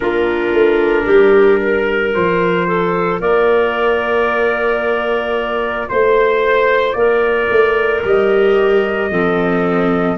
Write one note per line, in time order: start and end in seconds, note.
0.00 0.53 A#3
0.00 2.13 D4
0.00 1.04 F4
0.00 2.12 A#4
0.53 1.06 A3
1.04 2.15 G3
1.04 1.58 G4
1.62 2.67 A#4
2.13 3.20 F3
2.13 8.03 F4
2.13 3.21 C5
2.67 3.20 A4
3.20 5.88 A#3
3.20 5.87 A#4
3.20 5.89 D5
5.89 6.94 A3
5.89 6.92 C5
5.89 6.96 C5
6.92 7.48 A#3
6.92 9.10 A#4
6.92 8.00 D5
7.50 8.03 A3
8.04 9.10 G3
8.04 9.11 G4
8.04 10.17 D#5
9.10 10.17 F3
9.10 10.17 C4
9.10 10.17 A4